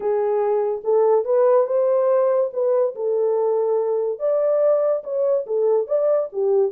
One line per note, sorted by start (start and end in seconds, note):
0.00 0.82 G#4
0.84 1.25 A4
1.25 1.66 B4
1.66 2.50 C5
2.53 2.95 B4
2.95 4.19 A4
4.19 5.03 D5
5.03 5.45 C#5
5.46 5.87 A4
5.87 6.29 D5
6.32 6.71 G4